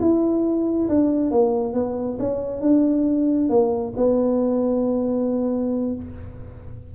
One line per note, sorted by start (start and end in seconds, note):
0.00 0.88 E4
0.89 1.31 D4
1.31 1.73 A#3
1.73 2.18 B3
2.19 2.61 C#4
2.61 3.49 D4
3.49 3.93 A#3
3.97 5.95 B3